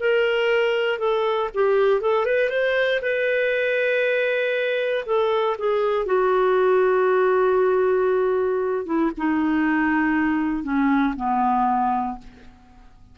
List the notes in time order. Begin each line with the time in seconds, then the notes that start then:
0.00 A#4
0.99 A4
1.55 G4
2.02 A4
2.26 B4
2.50 C5
3.02 B4
5.06 A4
5.58 G#4
6.06 F#4
8.86 E4
9.18 D#4
10.64 C#4
11.17 B3